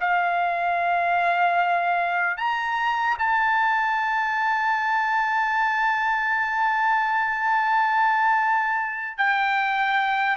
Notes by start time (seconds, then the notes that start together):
0.00 F5
2.37 A#5
3.19 A5
9.17 G5